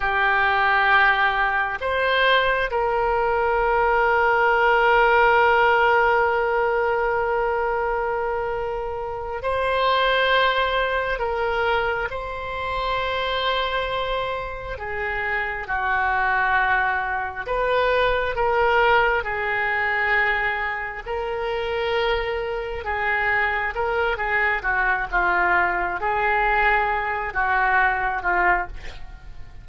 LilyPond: \new Staff \with { instrumentName = "oboe" } { \time 4/4 \tempo 4 = 67 g'2 c''4 ais'4~ | ais'1~ | ais'2~ ais'8 c''4.~ | c''8 ais'4 c''2~ c''8~ |
c''8 gis'4 fis'2 b'8~ | b'8 ais'4 gis'2 ais'8~ | ais'4. gis'4 ais'8 gis'8 fis'8 | f'4 gis'4. fis'4 f'8 | }